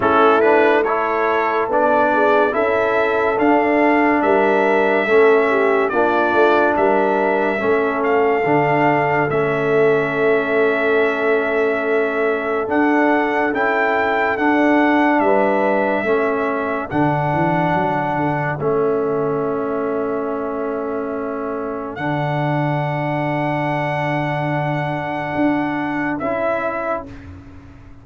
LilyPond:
<<
  \new Staff \with { instrumentName = "trumpet" } { \time 4/4 \tempo 4 = 71 a'8 b'8 cis''4 d''4 e''4 | f''4 e''2 d''4 | e''4. f''4. e''4~ | e''2. fis''4 |
g''4 fis''4 e''2 | fis''2 e''2~ | e''2 fis''2~ | fis''2. e''4 | }
  \new Staff \with { instrumentName = "horn" } { \time 4/4 e'4 a'4. gis'8 a'4~ | a'4 ais'4 a'8 g'8 f'4 | ais'4 a'2.~ | a'1~ |
a'2 b'4 a'4~ | a'1~ | a'1~ | a'1 | }
  \new Staff \with { instrumentName = "trombone" } { \time 4/4 cis'8 d'8 e'4 d'4 e'4 | d'2 cis'4 d'4~ | d'4 cis'4 d'4 cis'4~ | cis'2. d'4 |
e'4 d'2 cis'4 | d'2 cis'2~ | cis'2 d'2~ | d'2. e'4 | }
  \new Staff \with { instrumentName = "tuba" } { \time 4/4 a2 b4 cis'4 | d'4 g4 a4 ais8 a8 | g4 a4 d4 a4~ | a2. d'4 |
cis'4 d'4 g4 a4 | d8 e8 fis8 d8 a2~ | a2 d2~ | d2 d'4 cis'4 | }
>>